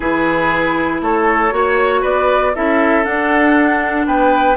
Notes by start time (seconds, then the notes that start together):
0.00 E3 E4 G#4 B4
1.01 A3 A4 C#5
1.51 A#3 F#4 C#5
2.01 B3 B4 D5
2.55 C#4 E4 A4 E5
3.03 D4 F#5
4.06 B3 B4 G5